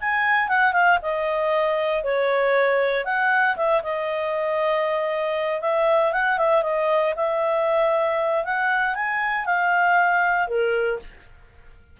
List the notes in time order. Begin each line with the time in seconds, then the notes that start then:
0.00 G#5
0.48 F#5
0.72 F5
1.02 D#5
2.03 C#5
3.04 F#5
3.56 E5
3.82 D#5
5.61 E5
6.12 F#5
6.38 E5
6.62 D#5
7.16 E5
8.44 F#5
8.94 G#5
9.45 F5
10.47 A#4